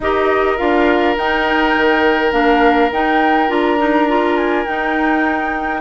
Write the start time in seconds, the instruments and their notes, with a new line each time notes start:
0.00 bassoon D#4, clarinet G4, oboe A#4, flute D#5
0.57 bassoon D4, clarinet F4, flute F5
1.17 bassoon D#4, clarinet D#4, flute G5
1.76 bassoon D#3
2.31 bassoon A#3, clarinet D4, flute F5
2.91 bassoon D#4, clarinet D#4, flute G5
3.48 bassoon D4, clarinet F4, flute A#5
3.78 clarinet D#4
4.07 clarinet F4
4.36 flute G#5
4.66 bassoon D#4, clarinet D#4, flute G5